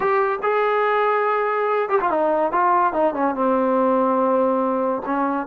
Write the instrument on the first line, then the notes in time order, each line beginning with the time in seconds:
trombone
0.00 G4
0.42 G#4
1.89 G4
2.00 F4
2.10 D#4
2.52 F4
2.93 D#4
3.14 C#4
3.34 C4
5.05 C#4